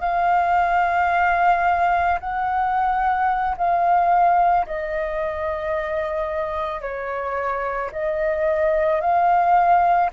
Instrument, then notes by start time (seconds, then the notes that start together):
flute
0.00 F5
2.19 F#5
3.57 F5
4.66 D#5
6.81 C#5
7.91 D#5
9.00 F5